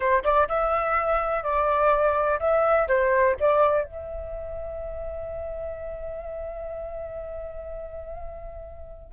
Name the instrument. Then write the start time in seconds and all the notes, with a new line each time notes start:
flute
0.00 C5
0.24 D5
0.48 E5
1.43 D5
2.39 E5
2.88 C5
3.39 D5
3.84 E5